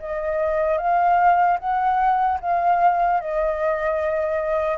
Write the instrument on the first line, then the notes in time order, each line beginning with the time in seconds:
flute
0.00 D#5
0.78 F5
1.59 F#5
2.41 F5
3.20 D#5